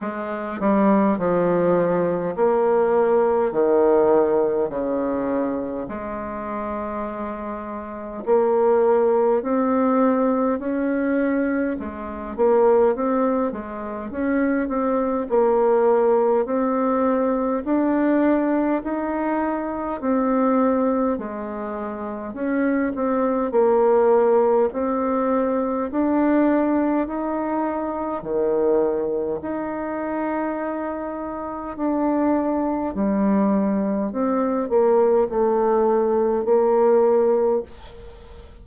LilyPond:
\new Staff \with { instrumentName = "bassoon" } { \time 4/4 \tempo 4 = 51 gis8 g8 f4 ais4 dis4 | cis4 gis2 ais4 | c'4 cis'4 gis8 ais8 c'8 gis8 | cis'8 c'8 ais4 c'4 d'4 |
dis'4 c'4 gis4 cis'8 c'8 | ais4 c'4 d'4 dis'4 | dis4 dis'2 d'4 | g4 c'8 ais8 a4 ais4 | }